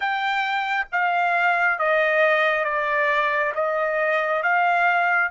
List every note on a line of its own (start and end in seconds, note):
0.00 0.86 G5
0.92 1.78 F5
1.78 2.64 D#5
2.64 3.53 D5
3.54 4.42 D#5
4.42 5.31 F5